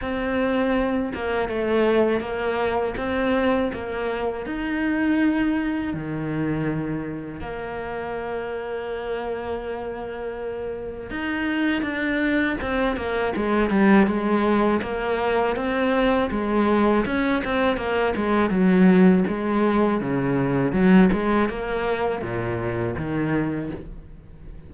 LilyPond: \new Staff \with { instrumentName = "cello" } { \time 4/4 \tempo 4 = 81 c'4. ais8 a4 ais4 | c'4 ais4 dis'2 | dis2 ais2~ | ais2. dis'4 |
d'4 c'8 ais8 gis8 g8 gis4 | ais4 c'4 gis4 cis'8 c'8 | ais8 gis8 fis4 gis4 cis4 | fis8 gis8 ais4 ais,4 dis4 | }